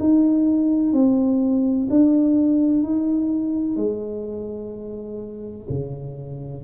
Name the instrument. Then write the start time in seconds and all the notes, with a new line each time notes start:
tuba
0.00 D#4
0.93 C4
1.90 D4
2.84 D#4
3.77 G#3
5.70 C#3